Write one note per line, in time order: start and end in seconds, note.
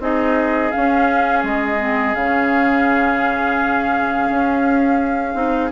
0.00 0.71 C4
0.00 0.72 D#4
0.00 5.73 G#4
0.00 0.72 D#5
0.72 1.79 C#4
0.72 1.44 C#4
0.72 1.43 F5
1.44 2.15 G#3
1.44 2.15 D#5
1.79 2.15 C4
2.15 4.29 C#3
2.15 5.35 C#4
2.15 5.72 F5
4.30 5.35 C#4
5.35 5.71 C4
5.35 5.70 D#4